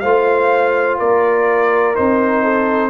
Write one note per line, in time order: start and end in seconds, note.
0.00 1.00 A3
0.00 1.96 F4
0.00 0.99 C5
0.00 0.97 F5
0.99 1.97 A#3
0.99 2.44 A#4
0.99 1.96 D5
1.96 2.90 C4
1.96 2.90 D#4
1.96 2.90 C5
2.44 2.90 A4